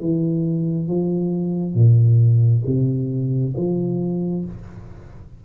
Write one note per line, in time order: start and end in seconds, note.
0.00 0.88 E3
0.88 1.74 F3
1.74 2.62 A#2
2.66 3.54 C3
3.56 4.44 F3